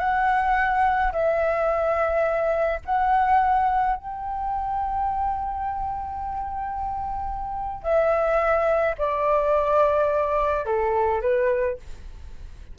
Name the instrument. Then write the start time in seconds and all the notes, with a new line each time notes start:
flute
0.00 F#5
1.13 E5
2.86 F#5
3.96 G5
7.83 E5
8.98 D5
10.66 A4
11.22 B4